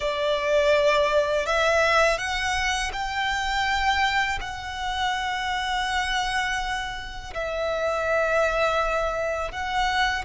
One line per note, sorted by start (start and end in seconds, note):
0.00 1.46 D5
1.46 2.18 E5
2.18 2.91 F#5
2.92 4.39 G5
4.40 7.33 F#5
7.34 9.51 E5
9.51 10.24 F#5